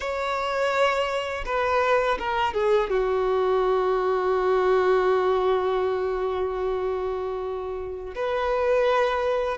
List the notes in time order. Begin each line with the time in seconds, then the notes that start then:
0.00 C#5
1.45 B4
2.19 A#4
2.53 G#4
2.90 F#4
8.15 B4